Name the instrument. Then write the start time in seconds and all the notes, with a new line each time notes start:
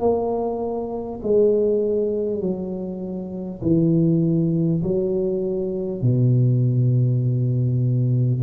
tuba
0.00 A#3
1.22 G#3
2.41 F#3
3.62 E3
4.83 F#3
6.01 B2